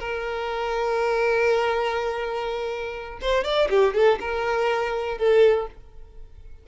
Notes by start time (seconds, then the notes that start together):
0.00 A#4
3.21 C5
3.44 D5
3.70 G4
3.94 A4
4.20 A#4
5.18 A4